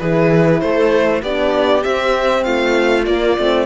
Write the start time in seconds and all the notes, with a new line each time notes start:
0.00 E3 E4 G#4 B4
0.61 A3 A4 C5
1.23 B3 D4 G4 D5
1.82 C4 E5
2.44 A3 F4 F5
3.06 A#3 D5
3.38 A3 C4